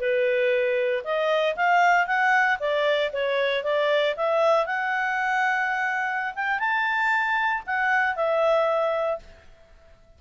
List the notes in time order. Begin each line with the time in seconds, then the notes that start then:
0.00 B4
1.04 D#5
1.56 F5
2.07 F#5
2.60 D5
3.13 C#5
3.64 D5
4.17 E5
4.66 F#5
6.35 G5
6.59 A5
7.66 F#5
8.16 E5